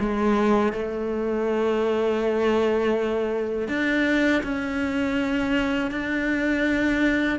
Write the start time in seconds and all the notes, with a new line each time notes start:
0.00 G#3
0.73 A3
3.69 D4
4.43 C#4
5.91 D4